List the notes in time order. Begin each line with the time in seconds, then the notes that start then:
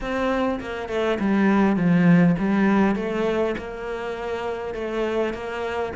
0.00 C4
0.60 A#3
0.88 A3
1.19 G3
1.76 F3
2.38 G3
2.95 A3
3.58 A#3
4.74 A3
5.33 A#3